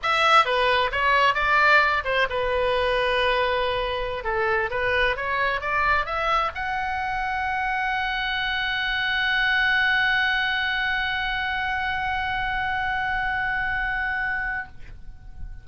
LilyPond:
\new Staff \with { instrumentName = "oboe" } { \time 4/4 \tempo 4 = 131 e''4 b'4 cis''4 d''4~ | d''8 c''8 b'2.~ | b'4~ b'16 a'4 b'4 cis''8.~ | cis''16 d''4 e''4 fis''4.~ fis''16~ |
fis''1~ | fis''1~ | fis''1~ | fis''1 | }